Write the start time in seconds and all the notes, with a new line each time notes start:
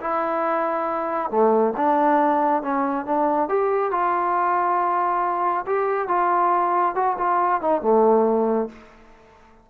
0.00 E4
1.30 A3
1.76 D4
2.62 C#4
3.05 D4
3.49 G4
3.91 F4
5.66 G4
6.08 F4
6.95 F#4
7.17 F4
7.61 D#4
7.81 A3